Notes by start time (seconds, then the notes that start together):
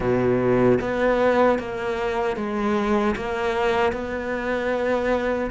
0.00 B2
0.80 B3
1.58 A#3
2.36 G#3
3.16 A#3
3.92 B3